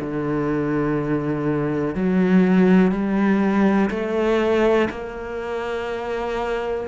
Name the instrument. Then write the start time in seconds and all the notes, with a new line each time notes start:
cello
0.00 D3
1.94 F#3
2.91 G3
3.90 A3
4.90 A#3